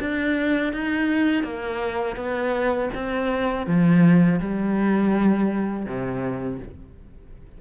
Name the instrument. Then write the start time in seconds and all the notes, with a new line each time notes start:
cello
0.00 D4
0.73 D#4
1.43 A#3
2.16 B3
2.94 C4
3.67 F3
4.40 G3
5.85 C3